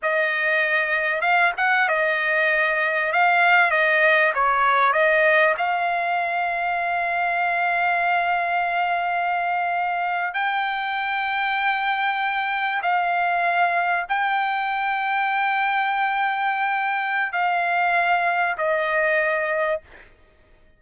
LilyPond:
\new Staff \with { instrumentName = "trumpet" } { \time 4/4 \tempo 4 = 97 dis''2 f''8 fis''8 dis''4~ | dis''4 f''4 dis''4 cis''4 | dis''4 f''2.~ | f''1~ |
f''8. g''2.~ g''16~ | g''8. f''2 g''4~ g''16~ | g''1 | f''2 dis''2 | }